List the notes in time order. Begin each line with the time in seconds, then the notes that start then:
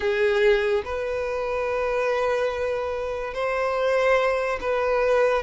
0.00 G#4
0.84 B4
3.34 C5
4.60 B4